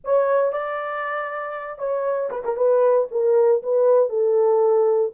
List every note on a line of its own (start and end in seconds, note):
0.04 0.52 C#5
0.52 1.78 D5
1.78 2.29 C#5
2.31 2.43 B4
2.44 2.56 A#4
2.56 3.08 B4
3.11 3.62 A#4
3.62 4.09 B4
4.09 5.11 A4